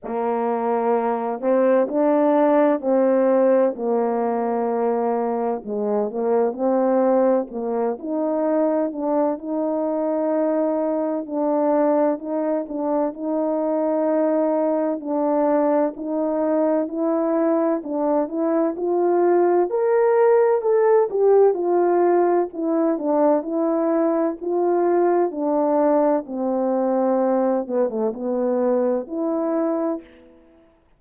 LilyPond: \new Staff \with { instrumentName = "horn" } { \time 4/4 \tempo 4 = 64 ais4. c'8 d'4 c'4 | ais2 gis8 ais8 c'4 | ais8 dis'4 d'8 dis'2 | d'4 dis'8 d'8 dis'2 |
d'4 dis'4 e'4 d'8 e'8 | f'4 ais'4 a'8 g'8 f'4 | e'8 d'8 e'4 f'4 d'4 | c'4. b16 a16 b4 e'4 | }